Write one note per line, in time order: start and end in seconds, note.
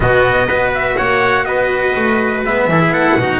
0.00 0.46 B2
0.00 0.48 B3
0.00 0.47 F#4
0.00 0.71 D#5
0.46 0.95 B3
0.46 2.46 F#4
0.46 0.95 B4
0.74 0.97 E5
0.96 1.45 A#3
0.96 1.45 C#5
0.96 1.45 F#5
1.45 1.94 B3
1.45 2.69 B4
1.45 2.42 D#5
1.95 2.44 A3
2.44 2.67 G#3
2.44 2.70 B3
2.44 2.92 E5
2.67 2.89 E3
2.67 3.19 E4
2.67 2.81 A4
2.81 2.92 G#4
2.89 3.13 B3
2.89 3.17 A4
2.89 3.40 F#5
3.16 3.40 B2
3.16 3.40 D#4
3.16 3.40 F#4